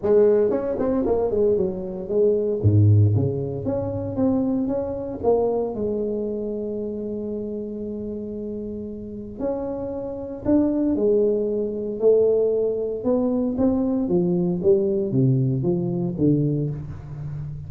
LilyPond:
\new Staff \with { instrumentName = "tuba" } { \time 4/4 \tempo 4 = 115 gis4 cis'8 c'8 ais8 gis8 fis4 | gis4 gis,4 cis4 cis'4 | c'4 cis'4 ais4 gis4~ | gis1~ |
gis2 cis'2 | d'4 gis2 a4~ | a4 b4 c'4 f4 | g4 c4 f4 d4 | }